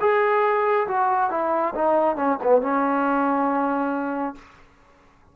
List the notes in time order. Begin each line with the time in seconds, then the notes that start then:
0.00 G#4
0.87 F#4
1.30 E4
1.74 D#4
2.16 C#4
2.43 B3
2.61 C#4